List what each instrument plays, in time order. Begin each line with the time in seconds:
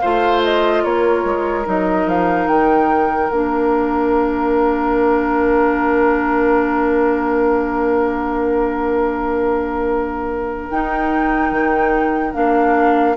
0.00 bassoon A3, clarinet F4, oboe C5, flute F5
0.44 flute D#5
0.84 bassoon A#3, oboe A#4, flute C#5
1.25 bassoon G#3
1.65 bassoon F#3, clarinet D#4, flute D#5
2.07 bassoon F3, flute F5
2.48 bassoon D#3, flute G5
3.30 bassoon A#3, clarinet D4, flute F5
10.70 bassoon D#4, clarinet D#4, flute G5
11.52 bassoon D#3
12.34 bassoon A#3, clarinet D4, flute F5